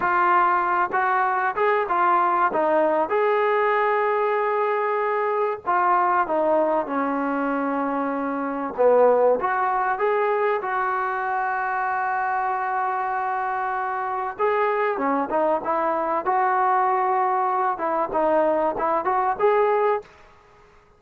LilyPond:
\new Staff \with { instrumentName = "trombone" } { \time 4/4 \tempo 4 = 96 f'4. fis'4 gis'8 f'4 | dis'4 gis'2.~ | gis'4 f'4 dis'4 cis'4~ | cis'2 b4 fis'4 |
gis'4 fis'2.~ | fis'2. gis'4 | cis'8 dis'8 e'4 fis'2~ | fis'8 e'8 dis'4 e'8 fis'8 gis'4 | }